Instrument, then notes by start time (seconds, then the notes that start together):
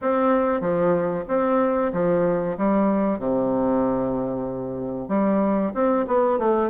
bassoon
0.01 C4
0.60 F3
1.28 C4
1.92 F3
2.57 G3
3.18 C3
5.08 G3
5.74 C4
6.07 B3
6.38 A3